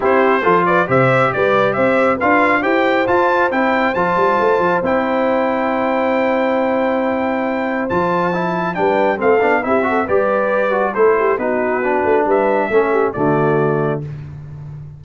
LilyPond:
<<
  \new Staff \with { instrumentName = "trumpet" } { \time 4/4 \tempo 4 = 137 c''4. d''8 e''4 d''4 | e''4 f''4 g''4 a''4 | g''4 a''2 g''4~ | g''1~ |
g''2 a''2 | g''4 f''4 e''4 d''4~ | d''4 c''4 b'2 | e''2 d''2 | }
  \new Staff \with { instrumentName = "horn" } { \time 4/4 g'4 a'8 b'8 c''4 b'4 | c''4 b'4 c''2~ | c''1~ | c''1~ |
c''1 | b'4 a'4 g'8 a'8 b'4~ | b'4 a'8 g'8 fis'2 | b'4 a'8 g'8 fis'2 | }
  \new Staff \with { instrumentName = "trombone" } { \time 4/4 e'4 f'4 g'2~ | g'4 f'4 g'4 f'4 | e'4 f'2 e'4~ | e'1~ |
e'2 f'4 e'4 | d'4 c'8 d'8 e'8 fis'8 g'4~ | g'8 fis'8 e'4 dis'4 d'4~ | d'4 cis'4 a2 | }
  \new Staff \with { instrumentName = "tuba" } { \time 4/4 c'4 f4 c4 g4 | c'4 d'4 e'4 f'4 | c'4 f8 g8 a8 f8 c'4~ | c'1~ |
c'2 f2 | g4 a8 b8 c'4 g4~ | g4 a4 b4. a8 | g4 a4 d2 | }
>>